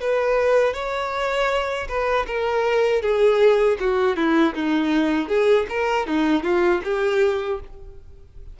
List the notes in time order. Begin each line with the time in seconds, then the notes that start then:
0.00 B4
0.73 C#5
1.88 B4
2.27 A#4
3.01 G#4
3.80 F#4
4.16 E4
4.54 D#4
5.28 G#4
5.69 A#4
6.07 D#4
6.43 F4
6.84 G4